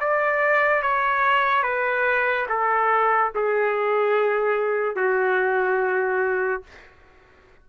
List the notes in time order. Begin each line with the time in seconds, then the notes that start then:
0.00 D5
0.82 C#5
1.63 B4
2.49 A4
3.34 G#4
4.96 F#4